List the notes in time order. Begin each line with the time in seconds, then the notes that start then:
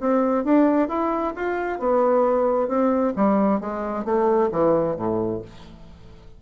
0.00 C4
0.44 D4
0.89 E4
1.36 F4
1.79 B3
2.68 C4
3.16 G3
3.60 G#3
4.05 A3
4.52 E3
4.96 A2